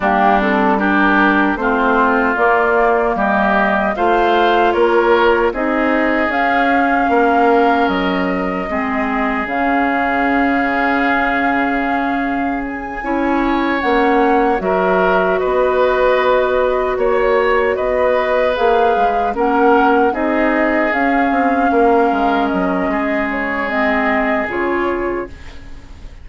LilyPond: <<
  \new Staff \with { instrumentName = "flute" } { \time 4/4 \tempo 4 = 76 g'8 a'8 ais'4 c''4 d''4 | dis''4 f''4 cis''4 dis''4 | f''2 dis''2 | f''1 |
gis''4. fis''4 e''4 dis''8~ | dis''4. cis''4 dis''4 f''8~ | f''8 fis''4 dis''4 f''4.~ | f''8 dis''4 cis''8 dis''4 cis''4 | }
  \new Staff \with { instrumentName = "oboe" } { \time 4/4 d'4 g'4 f'2 | g'4 c''4 ais'4 gis'4~ | gis'4 ais'2 gis'4~ | gis'1~ |
gis'8 cis''2 ais'4 b'8~ | b'4. cis''4 b'4.~ | b'8 ais'4 gis'2 ais'8~ | ais'4 gis'2. | }
  \new Staff \with { instrumentName = "clarinet" } { \time 4/4 ais8 c'8 d'4 c'4 ais4~ | ais4 f'2 dis'4 | cis'2. c'4 | cis'1~ |
cis'8 e'4 cis'4 fis'4.~ | fis'2.~ fis'8 gis'8~ | gis'8 cis'4 dis'4 cis'4.~ | cis'2 c'4 f'4 | }
  \new Staff \with { instrumentName = "bassoon" } { \time 4/4 g2 a4 ais4 | g4 a4 ais4 c'4 | cis'4 ais4 fis4 gis4 | cis1~ |
cis8 cis'4 ais4 fis4 b8~ | b4. ais4 b4 ais8 | gis8 ais4 c'4 cis'8 c'8 ais8 | gis8 fis8 gis2 cis4 | }
>>